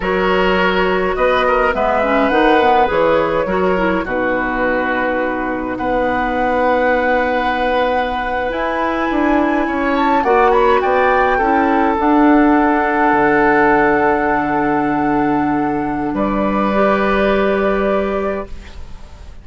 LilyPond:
<<
  \new Staff \with { instrumentName = "flute" } { \time 4/4 \tempo 4 = 104 cis''2 dis''4 e''4 | fis''4 cis''2 b'4~ | b'2 fis''2~ | fis''2~ fis''8. gis''4~ gis''16~ |
gis''4~ gis''16 a''8 fis''8 b''8 g''4~ g''16~ | g''8. fis''2.~ fis''16~ | fis''1 | d''1 | }
  \new Staff \with { instrumentName = "oboe" } { \time 4/4 ais'2 b'8 ais'8 b'4~ | b'2 ais'4 fis'4~ | fis'2 b'2~ | b'1~ |
b'8. cis''4 d''8 cis''8 d''4 a'16~ | a'1~ | a'1 | b'1 | }
  \new Staff \with { instrumentName = "clarinet" } { \time 4/4 fis'2. b8 cis'8 | dis'8 b8 gis'4 fis'8 e'8 dis'4~ | dis'1~ | dis'2~ dis'8. e'4~ e'16~ |
e'4.~ e'16 fis'2 e'16~ | e'8. d'2.~ d'16~ | d'1~ | d'4 g'2. | }
  \new Staff \with { instrumentName = "bassoon" } { \time 4/4 fis2 b4 gis4 | dis4 e4 fis4 b,4~ | b,2 b2~ | b2~ b8. e'4 d'16~ |
d'8. cis'4 ais4 b4 cis'16~ | cis'8. d'2 d4~ d16~ | d1 | g1 | }
>>